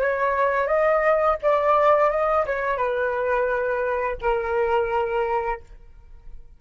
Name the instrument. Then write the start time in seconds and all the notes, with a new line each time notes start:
flute
0.00 C#5
0.67 D#5
1.42 D5
2.10 D#5
2.46 C#5
2.77 B4
4.21 A#4